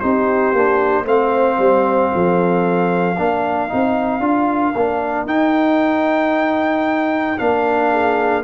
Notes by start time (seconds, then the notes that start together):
0.00 C4 D#4 G4 C5
0.53 A#3 D4
1.04 A3 C4 C5 F5
1.59 G3
2.14 F3 A4
3.18 A#3 D4 A#4
3.69 C4 D#4
4.20 D4 F4
4.76 A#3 D4
5.25 D#4 G5
7.38 A#3 D4 F5
7.91 G#4